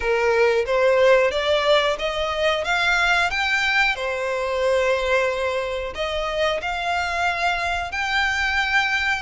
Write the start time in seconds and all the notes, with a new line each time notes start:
0.00 A#4
0.66 C5
1.31 D5
1.98 D#5
2.64 F5
3.30 G5
3.95 C5
5.95 D#5
6.61 F5
7.91 G5